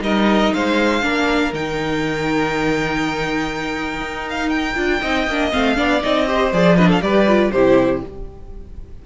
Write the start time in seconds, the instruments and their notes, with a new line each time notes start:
0.00 cello G3, viola D#4, violin A#4 D#5
0.53 cello G#3, violin C5 F5
1.01 cello A#3, viola D4, violin A#4
1.52 cello D#3, viola D#4, violin G5
4.00 cello D#4
4.29 violin F5
4.49 violin G5
4.75 cello D4, viola F4
5.01 cello C4, viola D#4, violin D#5
5.27 cello A#3, viola D4
5.52 cello A3, viola C4, violin F5
5.75 cello B3, viola D4, violin D5
6.01 cello C4, viola D#4, violin D#5
6.26 viola G4, violin C5
6.52 cello F3, viola G#4, violin D5
6.76 viola D4, violin B4 D#5
6.88 violin A4 F5
7.00 cello G3, viola G4, violin B4 D5
7.27 viola F4
7.51 cello C3, viola E4, violin G4 C5